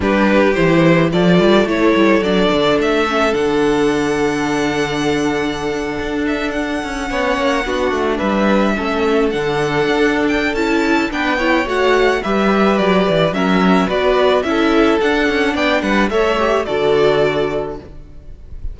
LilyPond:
<<
  \new Staff \with { instrumentName = "violin" } { \time 4/4 \tempo 4 = 108 b'4 c''4 d''4 cis''4 | d''4 e''4 fis''2~ | fis''2.~ fis''16 e''8 fis''16~ | fis''2~ fis''8. e''4~ e''16~ |
e''8. fis''4.~ fis''16 g''8 a''4 | g''4 fis''4 e''4 d''4 | e''4 d''4 e''4 fis''4 | g''8 fis''8 e''4 d''2 | }
  \new Staff \with { instrumentName = "violin" } { \time 4/4 g'2 a'2~ | a'1~ | a'1~ | a'8. cis''4 fis'4 b'4 a'16~ |
a'1 | b'8 cis''4. b'2 | ais'4 b'4 a'2 | d''8 b'8 cis''4 a'2 | }
  \new Staff \with { instrumentName = "viola" } { \time 4/4 d'4 e'4 f'4 e'4 | d'4. cis'8 d'2~ | d'1~ | d'8. cis'4 d'2 cis'16~ |
cis'8. d'2~ d'16 e'4 | d'8 e'8 fis'4 g'2 | cis'4 fis'4 e'4 d'4~ | d'4 a'8 g'8 fis'2 | }
  \new Staff \with { instrumentName = "cello" } { \time 4/4 g4 e4 f8 g8 a8 g8 | fis8 d8 a4 d2~ | d2~ d8. d'4~ d'16~ | d'16 cis'8 b8 ais8 b8 a8 g4 a16~ |
a8. d4 d'4~ d'16 cis'4 | b4 a4 g4 fis8 e8 | fis4 b4 cis'4 d'8 cis'8 | b8 g8 a4 d2 | }
>>